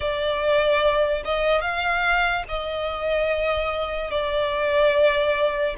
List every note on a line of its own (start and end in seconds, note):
0.00 1.23 D5
1.24 1.61 D#5
1.61 2.43 F5
2.48 4.10 D#5
4.10 5.75 D5